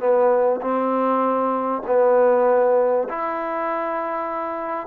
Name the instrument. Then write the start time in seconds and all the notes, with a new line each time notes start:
trombone
0.00 B3
0.61 C4
1.87 B3
3.09 E4